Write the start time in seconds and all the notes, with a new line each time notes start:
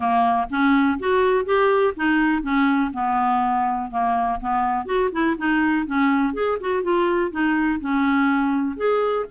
0.00 A#3
0.50 C#4
0.99 F#4
1.45 G4
1.96 D#4
2.42 C#4
2.93 B3
3.90 A#3
4.40 B3
4.85 F#4
5.12 E4
5.37 D#4
5.86 C#4
6.33 G#4
6.60 F#4
6.82 F4
7.31 D#4
7.80 C#4
8.76 G#4